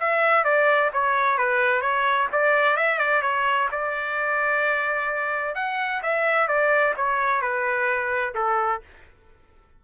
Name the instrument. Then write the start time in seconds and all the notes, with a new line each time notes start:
trumpet
0.00 E5
0.45 D5
0.93 C#5
1.38 B4
1.82 C#5
2.33 D5
2.77 E5
2.99 D5
3.22 C#5
3.72 D5
5.55 F#5
6.03 E5
6.48 D5
6.97 C#5
7.41 B4
8.35 A4